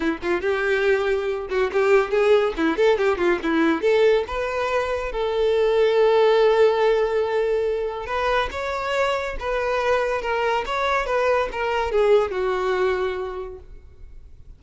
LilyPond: \new Staff \with { instrumentName = "violin" } { \time 4/4 \tempo 4 = 141 e'8 f'8 g'2~ g'8 fis'8 | g'4 gis'4 e'8 a'8 g'8 f'8 | e'4 a'4 b'2 | a'1~ |
a'2. b'4 | cis''2 b'2 | ais'4 cis''4 b'4 ais'4 | gis'4 fis'2. | }